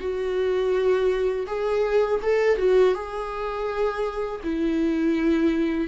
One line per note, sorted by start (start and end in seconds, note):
0.00 1.46 F#4
1.47 2.20 G#4
2.22 2.58 A4
2.58 2.94 F#4
2.94 4.41 G#4
4.43 5.87 E4